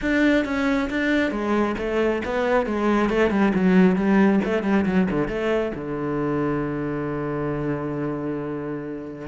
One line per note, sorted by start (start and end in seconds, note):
0.01 0.45 D4
0.45 0.89 C#4
0.90 1.31 D4
1.31 1.75 G#3
1.77 2.22 A3
2.25 2.66 B3
2.66 3.09 G#3
3.09 3.30 A3
3.30 3.52 G3
3.54 3.96 F#3
3.96 4.40 G3
4.44 4.63 A3
4.63 4.85 G3
4.85 5.07 F#3
5.10 5.28 D3
5.28 5.72 A3
5.75 9.27 D3